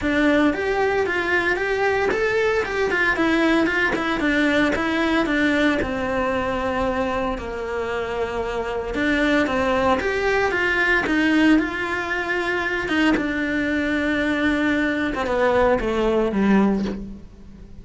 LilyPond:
\new Staff \with { instrumentName = "cello" } { \time 4/4 \tempo 4 = 114 d'4 g'4 f'4 g'4 | a'4 g'8 f'8 e'4 f'8 e'8 | d'4 e'4 d'4 c'4~ | c'2 ais2~ |
ais4 d'4 c'4 g'4 | f'4 dis'4 f'2~ | f'8 dis'8 d'2.~ | d'8. c'16 b4 a4 g4 | }